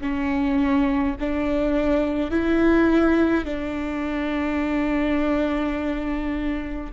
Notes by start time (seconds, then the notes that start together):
0.00 C#4
1.20 D4
2.30 E4
3.45 D4